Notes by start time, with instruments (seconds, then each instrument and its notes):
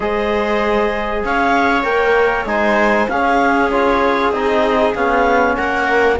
0.00 cello G#3, trombone G#4, viola C5, clarinet D#5
1.24 cello C#4, viola C#5, clarinet F5
1.83 cello A#3, trombone A#4, clarinet G5
2.45 cello G#3, trombone D#4, viola C5, clarinet G#5
3.08 cello C#4, trombone C#4, viola G#4, clarinet F5
3.71 trombone F4, clarinet C#5
4.31 cello C4, trombone D#4, clarinet D#5
4.94 cello B3, trombone C#4, clarinet F5
5.56 cello A#3, viola A#4, clarinet F#5